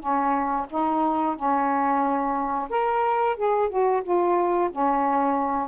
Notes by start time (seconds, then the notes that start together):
0.00 C#4
0.70 D#4
1.36 C#4
2.70 A#4
3.37 G#4
3.70 F#4
4.04 F4
4.72 C#4